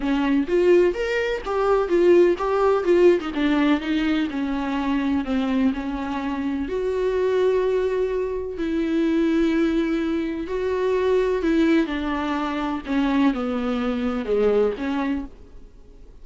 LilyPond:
\new Staff \with { instrumentName = "viola" } { \time 4/4 \tempo 4 = 126 cis'4 f'4 ais'4 g'4 | f'4 g'4 f'8. dis'16 d'4 | dis'4 cis'2 c'4 | cis'2 fis'2~ |
fis'2 e'2~ | e'2 fis'2 | e'4 d'2 cis'4 | b2 gis4 cis'4 | }